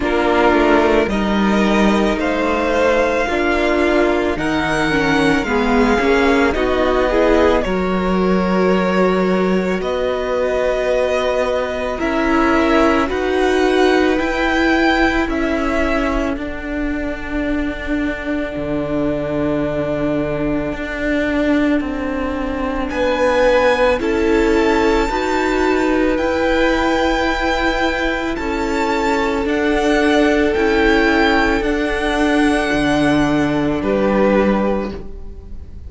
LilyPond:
<<
  \new Staff \with { instrumentName = "violin" } { \time 4/4 \tempo 4 = 55 ais'4 dis''4 f''2 | fis''4 f''4 dis''4 cis''4~ | cis''4 dis''2 e''4 | fis''4 g''4 e''4 fis''4~ |
fis''1~ | fis''4 gis''4 a''2 | g''2 a''4 fis''4 | g''4 fis''2 b'4 | }
  \new Staff \with { instrumentName = "violin" } { \time 4/4 f'4 ais'4 c''4 f'4 | ais'4 gis'4 fis'8 gis'8 ais'4~ | ais'4 b'2 ais'4 | b'2 a'2~ |
a'1~ | a'4 b'4 a'4 b'4~ | b'2 a'2~ | a'2. g'4 | }
  \new Staff \with { instrumentName = "viola" } { \time 4/4 d'4 dis'2 d'4 | dis'8 cis'8 b8 cis'8 dis'8 e'8 fis'4~ | fis'2. e'4 | fis'4 e'2 d'4~ |
d'1~ | d'2 e'4 fis'4 | e'2. d'4 | e'4 d'2. | }
  \new Staff \with { instrumentName = "cello" } { \time 4/4 ais8 a8 g4 a4 ais4 | dis4 gis8 ais8 b4 fis4~ | fis4 b2 cis'4 | dis'4 e'4 cis'4 d'4~ |
d'4 d2 d'4 | c'4 b4 cis'4 dis'4 | e'2 cis'4 d'4 | cis'4 d'4 d4 g4 | }
>>